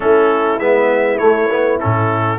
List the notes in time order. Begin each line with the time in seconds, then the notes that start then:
0.00 A3 C#4 E4 A4
0.59 G#3 B3 E5
1.18 A3 C#5
1.50 B3
1.79 A2 C#4 A4